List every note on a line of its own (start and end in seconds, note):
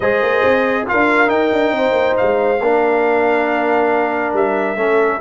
0.00 0.22 G#3
0.00 0.87 G#4
0.00 0.87 C5
0.00 0.86 D#5
0.22 0.43 A#3
0.44 0.87 C4
0.87 1.30 D4
0.87 1.26 F4
0.87 1.75 A#4
0.87 1.29 F5
1.26 2.57 D#4
1.26 1.51 D#4
1.26 2.16 G5
1.53 1.71 D4
1.71 1.91 C4
1.71 2.61 C5
1.91 2.13 A#3
2.17 2.60 G#3
2.17 4.34 F5
2.60 4.33 A#3
2.60 4.77 D4
2.60 4.78 A#4
4.33 4.75 G3
4.33 5.21 E5
4.75 5.19 A3
4.75 5.20 C#4
4.75 5.21 A4